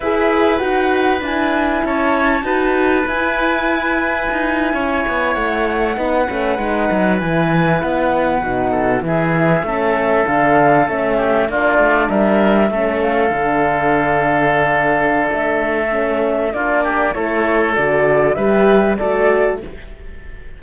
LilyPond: <<
  \new Staff \with { instrumentName = "flute" } { \time 4/4 \tempo 4 = 98 e''4 fis''4 gis''4 a''4~ | a''4 gis''2.~ | gis''8. fis''2. gis''16~ | gis''8. fis''2 e''4~ e''16~ |
e''8. f''4 e''4 d''4 e''16~ | e''4~ e''16 f''2~ f''8.~ | f''4 e''2 d''4 | cis''4 d''4 e''4 d''4 | }
  \new Staff \with { instrumentName = "oboe" } { \time 4/4 b'2. cis''4 | b'2.~ b'8. cis''16~ | cis''4.~ cis''16 b'2~ b'16~ | b'2~ b'16 a'8 gis'4 a'16~ |
a'2~ a'16 g'8 f'4 ais'16~ | ais'8. a'2.~ a'16~ | a'2. f'8 g'8 | a'2 b'4 a'4 | }
  \new Staff \with { instrumentName = "horn" } { \time 4/4 gis'4 fis'4 e'2 | fis'4 e'2.~ | e'4.~ e'16 dis'8 cis'8 dis'4 e'16~ | e'4.~ e'16 dis'4 e'4 cis'16~ |
cis'8. d'4 cis'4 d'4~ d'16~ | d'8. cis'4 d'2~ d'16~ | d'2 cis'4 d'4 | e'4 fis'4 g'4 fis'4 | }
  \new Staff \with { instrumentName = "cello" } { \time 4/4 e'4 dis'4 d'4 cis'4 | dis'4 e'2 dis'8. cis'16~ | cis'16 b8 a4 b8 a8 gis8 fis8 e16~ | e8. b4 b,4 e4 a16~ |
a8. d4 a4 ais8 a8 g16~ | g8. a4 d2~ d16~ | d4 a2 ais4 | a4 d4 g4 a4 | }
>>